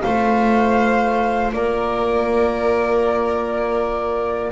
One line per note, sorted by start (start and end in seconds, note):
0.00 1.53 A3
0.00 4.50 F4
0.00 1.53 C5
0.00 1.52 F5
1.53 4.51 A#3
1.53 4.51 A#4
1.53 4.51 D5